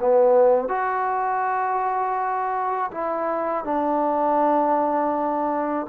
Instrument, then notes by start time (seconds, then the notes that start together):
trombone
0.00 B3
0.69 F#4
2.91 E4
3.65 D4